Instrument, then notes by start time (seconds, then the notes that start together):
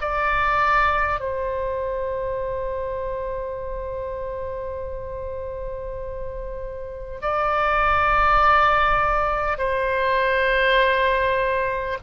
oboe
0.00 D5
1.19 C5
7.21 D5
9.57 C5